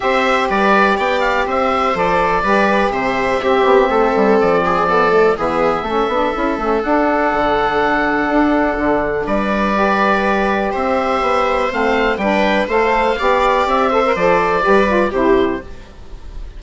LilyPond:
<<
  \new Staff \with { instrumentName = "oboe" } { \time 4/4 \tempo 4 = 123 e''4 d''4 g''8 f''8 e''4 | d''2 e''2~ | e''4 d''2 e''4~ | e''2 fis''2~ |
fis''2. d''4~ | d''2 e''2 | f''4 g''4 f''2 | e''4 d''2 c''4 | }
  \new Staff \with { instrumentName = "viola" } { \time 4/4 c''4 b'4 d''4 c''4~ | c''4 b'4 c''4 g'4 | a'4. gis'8 a'4 gis'4 | a'1~ |
a'2. b'4~ | b'2 c''2~ | c''4 b'4 c''4 d''4~ | d''8 c''4. b'4 g'4 | }
  \new Staff \with { instrumentName = "saxophone" } { \time 4/4 g'1 | a'4 g'2 c'4~ | c'2 b8 a8 b4 | cis'8 d'8 e'8 cis'8 d'2~ |
d'1 | g'1 | c'4 d'4 a'4 g'4~ | g'8 a'16 ais'16 a'4 g'8 f'8 e'4 | }
  \new Staff \with { instrumentName = "bassoon" } { \time 4/4 c'4 g4 b4 c'4 | f4 g4 c4 c'8 b8 | a8 g8 f2 e4 | a8 b8 cis'8 a8 d'4 d4~ |
d4 d'4 d4 g4~ | g2 c'4 b4 | a4 g4 a4 b4 | c'4 f4 g4 c4 | }
>>